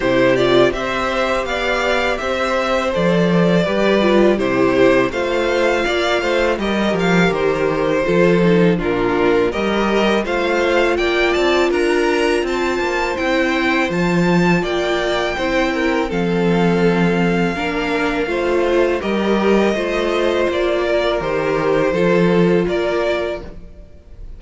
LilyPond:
<<
  \new Staff \with { instrumentName = "violin" } { \time 4/4 \tempo 4 = 82 c''8 d''8 e''4 f''4 e''4 | d''2 c''4 f''4~ | f''4 dis''8 f''8 c''2 | ais'4 dis''4 f''4 g''8 a''8 |
ais''4 a''4 g''4 a''4 | g''2 f''2~ | f''2 dis''2 | d''4 c''2 d''4 | }
  \new Staff \with { instrumentName = "violin" } { \time 4/4 g'4 c''4 d''4 c''4~ | c''4 b'4 g'4 c''4 | d''8 c''8 ais'2 a'4 | f'4 ais'4 c''4 d''4 |
ais'4 c''2. | d''4 c''8 ais'8 a'2 | ais'4 c''4 ais'4 c''4~ | c''8 ais'4. a'4 ais'4 | }
  \new Staff \with { instrumentName = "viola" } { \time 4/4 e'8 f'8 g'2. | a'4 g'8 f'8 e'4 f'4~ | f'4 g'2 f'8 dis'8 | d'4 g'4 f'2~ |
f'2 e'4 f'4~ | f'4 e'4 c'2 | d'4 f'4 g'4 f'4~ | f'4 g'4 f'2 | }
  \new Staff \with { instrumentName = "cello" } { \time 4/4 c4 c'4 b4 c'4 | f4 g4 c4 a4 | ais8 a8 g8 f8 dis4 f4 | ais,4 g4 a4 ais8 c'8 |
d'4 c'8 ais8 c'4 f4 | ais4 c'4 f2 | ais4 a4 g4 a4 | ais4 dis4 f4 ais4 | }
>>